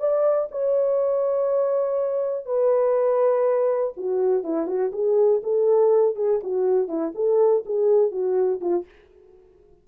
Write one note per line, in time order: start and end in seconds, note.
0.00 0.49 D5
0.52 2.46 C#5
2.46 3.93 B4
3.97 4.44 F#4
4.44 4.67 E4
4.67 4.92 F#4
4.93 5.42 G#4
5.44 6.16 A4
6.16 6.41 G#4
6.43 6.88 F#4
6.88 7.13 E4
7.15 7.65 A4
7.66 8.12 G#4
8.12 8.61 F#4
8.61 8.86 F4